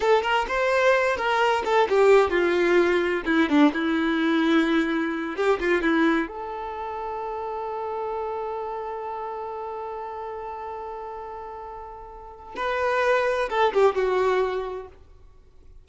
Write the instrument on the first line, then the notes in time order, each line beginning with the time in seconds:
violin
0.00 A4
0.22 A#4
0.48 C5
1.16 A#4
1.64 A4
1.89 G4
2.29 F4
3.25 E4
3.49 D4
3.73 E4
5.36 G4
5.59 F4
5.82 E4
6.27 A4
12.56 B4
13.49 A4
13.73 G4
13.95 F#4